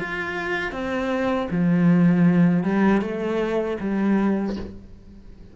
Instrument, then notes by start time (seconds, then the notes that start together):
cello
0.00 F4
0.72 C4
1.51 F3
2.64 G3
3.02 A3
3.81 G3